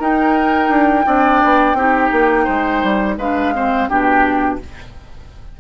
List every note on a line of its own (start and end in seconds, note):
0.00 0.69 D#4
0.00 1.06 D#4
0.00 1.06 A#4
0.00 3.19 G5
0.69 1.05 D4
1.06 1.42 C4
1.06 1.76 D4
1.06 1.77 D5
1.45 1.74 B3
1.74 2.09 C4
1.74 3.19 D#4
1.74 2.45 G4
2.12 2.47 A#3
2.45 2.84 G#3
2.45 3.15 C5
2.84 3.18 G3
3.18 3.88 G#3
3.18 3.55 D4
3.18 3.54 B4
3.18 3.88 F5
3.55 3.90 C4
3.55 3.90 C5
3.88 4.59 B2
3.88 4.60 D4
3.88 4.60 G4
3.88 4.59 G5